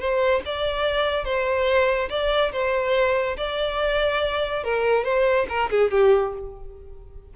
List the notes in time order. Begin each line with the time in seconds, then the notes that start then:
0.00 C5
0.46 D5
1.25 C5
2.10 D5
2.53 C5
3.38 D5
4.64 A#4
5.05 C5
5.49 A#4
5.71 G#4
5.92 G4